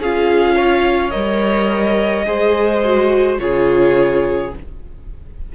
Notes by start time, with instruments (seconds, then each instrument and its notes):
0.00 cello C#4, viola F4, violin G#4 F5
0.56 violin C#5
1.11 cello G3, viola A#4, violin D#5
2.25 cello G#3, viola G#4, violin C5
2.85 viola F#4
3.39 cello C#3, viola F4, violin G#4 C#5